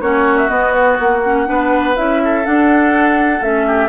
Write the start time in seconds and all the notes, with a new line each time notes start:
0.00 A#3 C#4 F#4 C#5
0.37 E5
0.48 B3 D#5
0.71 B4
0.99 A#3 F#5
1.24 C#4
1.45 B3 D4 B4
1.96 C#4 E4 E5
2.23 A4
2.44 D4 F#5
3.41 A3 C#4 E5
3.66 G4